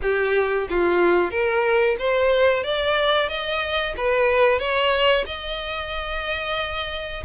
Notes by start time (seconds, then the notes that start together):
0.01 G4
0.69 F4
1.30 A#4
1.98 C5
2.63 D5
3.28 D#5
3.97 B4
4.59 C#5
5.25 D#5